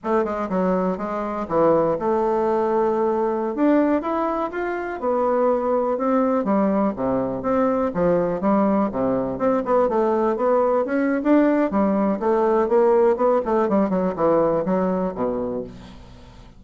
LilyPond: \new Staff \with { instrumentName = "bassoon" } { \time 4/4 \tempo 4 = 123 a8 gis8 fis4 gis4 e4 | a2.~ a16 d'8.~ | d'16 e'4 f'4 b4.~ b16~ | b16 c'4 g4 c4 c'8.~ |
c'16 f4 g4 c4 c'8 b16~ | b16 a4 b4 cis'8. d'4 | g4 a4 ais4 b8 a8 | g8 fis8 e4 fis4 b,4 | }